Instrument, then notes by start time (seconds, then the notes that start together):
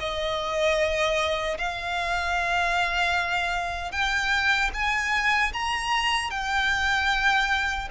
violin
0.00 D#5
1.58 F5
3.92 G5
4.74 G#5
5.54 A#5
6.31 G5